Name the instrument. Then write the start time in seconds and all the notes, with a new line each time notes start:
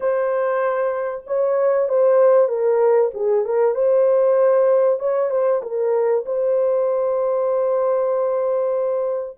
horn
0.00 C5
1.27 C#5
1.88 C5
2.48 A#4
3.13 G#4
3.45 A#4
3.74 C5
4.99 C#5
5.30 C5
5.62 A#4
6.25 C5